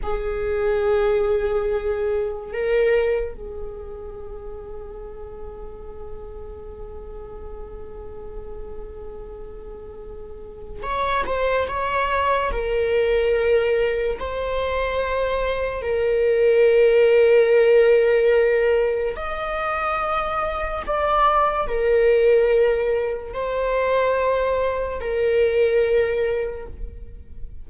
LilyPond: \new Staff \with { instrumentName = "viola" } { \time 4/4 \tempo 4 = 72 gis'2. ais'4 | gis'1~ | gis'1~ | gis'4 cis''8 c''8 cis''4 ais'4~ |
ais'4 c''2 ais'4~ | ais'2. dis''4~ | dis''4 d''4 ais'2 | c''2 ais'2 | }